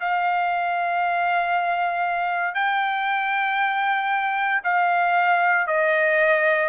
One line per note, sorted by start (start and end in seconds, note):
0.00 2.54 F5
2.54 4.61 G5
4.64 5.67 F5
5.67 6.69 D#5